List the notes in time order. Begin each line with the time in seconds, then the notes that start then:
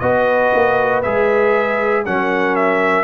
0.00 B3 F#4 B4 D#5
0.54 A#3
1.03 G#3 G#4 E5
2.06 F#3 C#4 A#4 F#5
2.56 E5